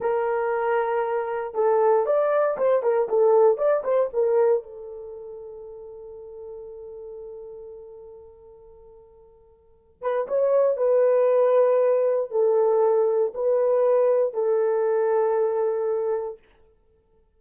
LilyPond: \new Staff \with { instrumentName = "horn" } { \time 4/4 \tempo 4 = 117 ais'2. a'4 | d''4 c''8 ais'8 a'4 d''8 c''8 | ais'4 a'2.~ | a'1~ |
a'2.~ a'8 b'8 | cis''4 b'2. | a'2 b'2 | a'1 | }